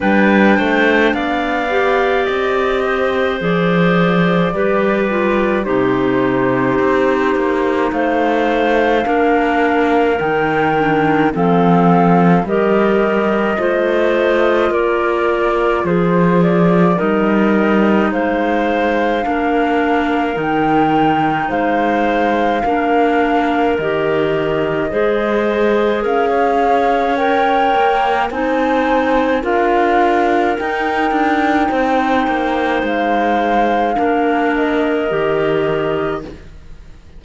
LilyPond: <<
  \new Staff \with { instrumentName = "flute" } { \time 4/4 \tempo 4 = 53 g''4 f''4 dis''4 d''4~ | d''4 c''2 f''4~ | f''4 g''4 f''4 dis''4~ | dis''4 d''4 c''8 d''8 dis''4 |
f''2 g''4 f''4~ | f''4 dis''2 f''4 | g''4 gis''4 f''4 g''4~ | g''4 f''4. dis''4. | }
  \new Staff \with { instrumentName = "clarinet" } { \time 4/4 b'8 c''8 d''4. c''4. | b'4 g'2 c''4 | ais'2 a'4 ais'4 | c''4 ais'4 gis'4 ais'4 |
c''4 ais'2 c''4 | ais'2 c''4 ais'16 cis''8.~ | cis''4 c''4 ais'2 | c''2 ais'2 | }
  \new Staff \with { instrumentName = "clarinet" } { \time 4/4 d'4. g'4. gis'4 | g'8 f'8 dis'2. | d'4 dis'8 d'8 c'4 g'4 | f'2. dis'4~ |
dis'4 d'4 dis'2 | d'4 g'4 gis'2 | ais'4 dis'4 f'4 dis'4~ | dis'2 d'4 g'4 | }
  \new Staff \with { instrumentName = "cello" } { \time 4/4 g8 a8 b4 c'4 f4 | g4 c4 c'8 ais8 a4 | ais4 dis4 f4 g4 | a4 ais4 f4 g4 |
gis4 ais4 dis4 gis4 | ais4 dis4 gis4 cis'4~ | cis'8 ais8 c'4 d'4 dis'8 d'8 | c'8 ais8 gis4 ais4 dis4 | }
>>